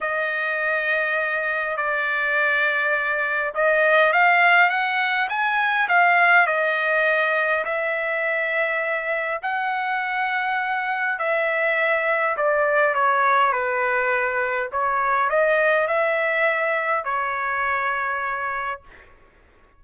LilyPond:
\new Staff \with { instrumentName = "trumpet" } { \time 4/4 \tempo 4 = 102 dis''2. d''4~ | d''2 dis''4 f''4 | fis''4 gis''4 f''4 dis''4~ | dis''4 e''2. |
fis''2. e''4~ | e''4 d''4 cis''4 b'4~ | b'4 cis''4 dis''4 e''4~ | e''4 cis''2. | }